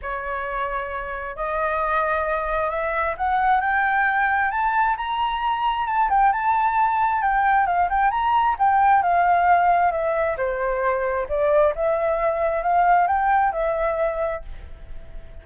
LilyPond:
\new Staff \with { instrumentName = "flute" } { \time 4/4 \tempo 4 = 133 cis''2. dis''4~ | dis''2 e''4 fis''4 | g''2 a''4 ais''4~ | ais''4 a''8 g''8 a''2 |
g''4 f''8 g''8 ais''4 g''4 | f''2 e''4 c''4~ | c''4 d''4 e''2 | f''4 g''4 e''2 | }